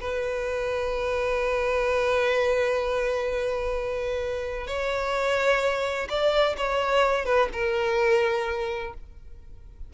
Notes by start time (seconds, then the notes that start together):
0.00 B4
4.67 C#5
6.09 D5
6.57 C#5
7.25 B4
7.52 A#4